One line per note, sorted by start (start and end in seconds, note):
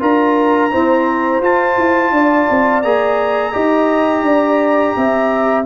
0.00 0.72 D4
0.00 0.71 F4
0.00 0.71 A#4
0.00 1.43 A#5
0.71 1.42 C4
0.71 1.41 E4
0.71 2.13 C5
1.41 1.76 F4
1.41 2.84 F4
1.41 2.82 A5
1.78 2.11 E4
2.11 2.46 D4
2.11 3.54 D5
2.50 2.84 C4
2.82 3.54 A#3
2.82 3.53 G#4
2.82 5.65 A#5
3.53 4.22 D#4
3.53 5.65 G4
3.53 4.24 D#5
4.22 4.93 D4
4.22 4.96 D5
4.96 5.66 C4
4.96 5.66 E5